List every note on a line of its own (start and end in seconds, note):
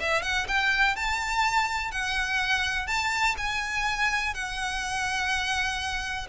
0.00 0.23 E5
0.23 0.47 F#5
0.48 0.96 G5
0.96 1.92 A5
1.92 2.87 F#5
2.87 3.36 A5
3.38 4.34 G#5
4.34 6.28 F#5